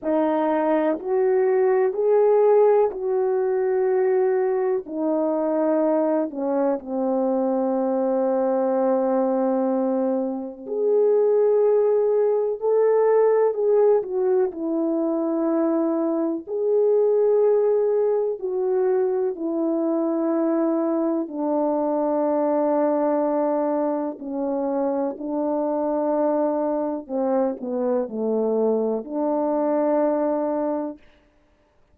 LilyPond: \new Staff \with { instrumentName = "horn" } { \time 4/4 \tempo 4 = 62 dis'4 fis'4 gis'4 fis'4~ | fis'4 dis'4. cis'8 c'4~ | c'2. gis'4~ | gis'4 a'4 gis'8 fis'8 e'4~ |
e'4 gis'2 fis'4 | e'2 d'2~ | d'4 cis'4 d'2 | c'8 b8 a4 d'2 | }